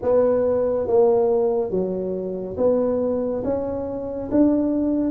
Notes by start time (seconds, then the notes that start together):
0.02 B3
0.87 A#3
1.70 F#3
2.57 B3
3.44 C#4
4.31 D4